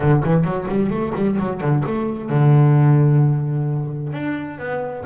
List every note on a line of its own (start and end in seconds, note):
0.00 0.23 D3
0.23 0.44 E3
0.44 0.67 F#3
0.68 0.90 G3
0.90 1.12 A3
1.15 1.38 G3
1.39 1.60 F#3
1.60 1.83 D3
1.85 2.29 A3
2.29 4.13 D3
4.13 4.58 D4
4.58 5.04 B3